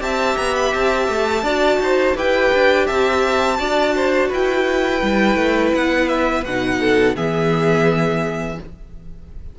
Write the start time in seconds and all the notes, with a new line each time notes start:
0.00 C4 G4 E5 A5
0.37 B3 A#5
0.56 B5
0.74 C4 A5
1.08 A3
1.43 D4 F#4 D5
1.79 D#4 C5
2.15 E4 G4 B4 G5
2.54 D4
2.86 C4 E5 A5
3.57 D4 F#4 D5
3.96 C5
4.28 E4 B4 G5
5.01 G3 E4
5.35 A3
5.75 B3 F#5
6.08 E5
6.45 B2 D#4 F#5
6.81 A4
7.16 E3 B3 G#4 E5